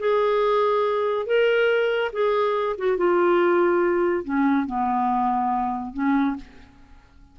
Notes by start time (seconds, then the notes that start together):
0.00 G#4
1.27 A#4
2.13 G#4
2.78 F#4
2.98 F4
4.25 C#4
4.67 B3
5.94 C#4